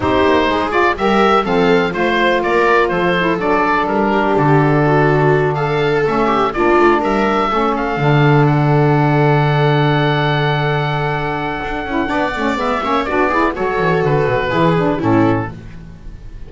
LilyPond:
<<
  \new Staff \with { instrumentName = "oboe" } { \time 4/4 \tempo 4 = 124 c''4. d''8 e''4 f''4 | c''4 d''4 c''4 d''4 | ais'4 a'2~ a'8 f''8~ | f''8 e''4 d''4 e''4. |
f''4. fis''2~ fis''8~ | fis''1~ | fis''2 e''4 d''4 | cis''4 b'2 a'4 | }
  \new Staff \with { instrumentName = "viola" } { \time 4/4 g'4 gis'4 ais'4 a'4 | c''4 ais'4 a'2~ | a'8 g'4. fis'4. a'8~ | a'4 g'8 f'4 ais'4 a'8~ |
a'1~ | a'1~ | a'4 d''4. cis''8 fis'8 gis'8 | a'2 gis'4 e'4 | }
  \new Staff \with { instrumentName = "saxophone" } { \time 4/4 dis'4. f'8 g'4 c'4 | f'2~ f'8 e'8 d'4~ | d'1~ | d'8 cis'4 d'2 cis'8~ |
cis'8 d'2.~ d'8~ | d'1~ | d'8 e'8 d'8 cis'8 b8 cis'8 d'8 e'8 | fis'2 e'8 d'8 cis'4 | }
  \new Staff \with { instrumentName = "double bass" } { \time 4/4 c'8 ais8 gis4 g4 f4 | a4 ais4 f4 fis4 | g4 d2.~ | d8 a4 ais8 a8 g4 a8~ |
a8 d2.~ d8~ | d1 | d'8 cis'8 b8 a8 gis8 ais8 b4 | fis8 e8 d8 b,8 e4 a,4 | }
>>